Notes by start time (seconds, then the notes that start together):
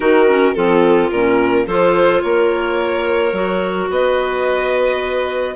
0.00 D#3 D#4 F#4 A#4
0.27 C#4
0.54 F3 C4 F4 A4
1.10 A#2 C#4 A#4
1.66 F3 F4 A4 C5
2.21 A#3 A#4 C#5
3.32 F#3 F#4
3.90 B3 B4 D#5